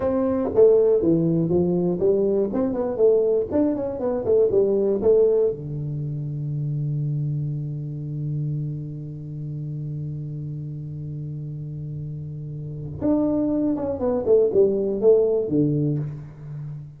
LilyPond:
\new Staff \with { instrumentName = "tuba" } { \time 4/4 \tempo 4 = 120 c'4 a4 e4 f4 | g4 c'8 b8 a4 d'8 cis'8 | b8 a8 g4 a4 d4~ | d1~ |
d1~ | d1~ | d2 d'4. cis'8 | b8 a8 g4 a4 d4 | }